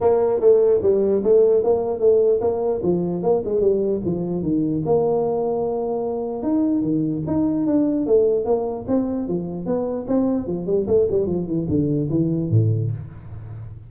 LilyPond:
\new Staff \with { instrumentName = "tuba" } { \time 4/4 \tempo 4 = 149 ais4 a4 g4 a4 | ais4 a4 ais4 f4 | ais8 gis8 g4 f4 dis4 | ais1 |
dis'4 dis4 dis'4 d'4 | a4 ais4 c'4 f4 | b4 c'4 f8 g8 a8 g8 | f8 e8 d4 e4 a,4 | }